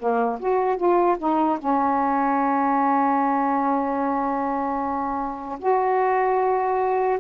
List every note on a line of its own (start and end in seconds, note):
0.00 0.40 A#3
0.40 0.77 F#4
0.77 1.17 F4
1.19 1.59 D#4
1.59 5.59 C#4
5.60 7.20 F#4